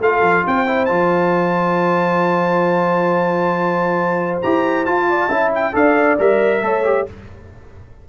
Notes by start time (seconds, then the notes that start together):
0.00 A3 F4 A4 F5
0.21 F3
0.46 C4 C5 G5
0.66 E4
0.85 F3 F4 A5
4.41 E4 G4 A#5
4.85 F4 A5
5.09 D5
5.28 C#4 E4 E5
5.55 G5
5.72 D4 A4 D5 F5
6.18 G3 A#4 E5
6.61 A3 A4 C#5
6.84 G4